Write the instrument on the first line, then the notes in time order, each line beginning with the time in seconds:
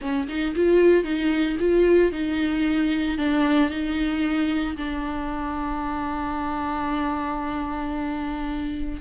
viola
0.01 C#4
0.28 D#4
0.55 F4
1.04 D#4
1.59 F4
2.11 D#4
3.17 D4
3.70 D#4
4.76 D4